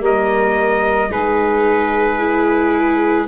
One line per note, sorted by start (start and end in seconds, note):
0.00 1.09 G3
0.00 1.09 A#3
0.00 1.10 A#4
0.00 1.12 D#5
1.10 3.28 G#3
1.10 2.20 D#4
1.10 3.28 G#4
1.10 3.28 B4
2.20 3.28 E4